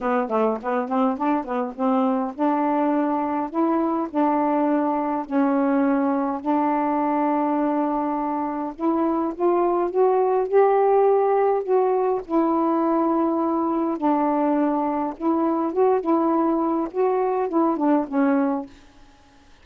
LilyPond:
\new Staff \with { instrumentName = "saxophone" } { \time 4/4 \tempo 4 = 103 b8 a8 b8 c'8 d'8 b8 c'4 | d'2 e'4 d'4~ | d'4 cis'2 d'4~ | d'2. e'4 |
f'4 fis'4 g'2 | fis'4 e'2. | d'2 e'4 fis'8 e'8~ | e'4 fis'4 e'8 d'8 cis'4 | }